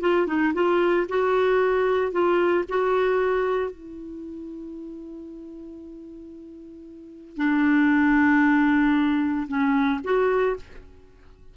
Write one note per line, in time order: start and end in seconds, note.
0.00 0.26 F4
0.27 0.53 D#4
0.54 1.06 F4
1.08 2.12 F#4
2.12 2.64 F4
2.68 3.71 F#4
3.71 7.36 E4
7.36 9.47 D4
9.48 10.00 C#4
10.04 10.56 F#4